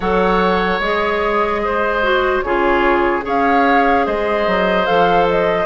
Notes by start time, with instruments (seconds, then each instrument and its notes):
0.00 bassoon F#3, clarinet A4, oboe C#5, flute F#5
0.79 bassoon G#3, clarinet G#4, flute D#5
1.64 oboe C5
2.02 clarinet F#4
2.41 bassoon C#3, clarinet F4, oboe G#4, flute C#5
3.22 bassoon C#4, clarinet G#4, oboe C#5, flute F5
4.06 bassoon G#3, oboe C5, flute D#5
4.46 bassoon F#3
4.86 bassoon F3, clarinet A4, flute F5
5.30 flute D#5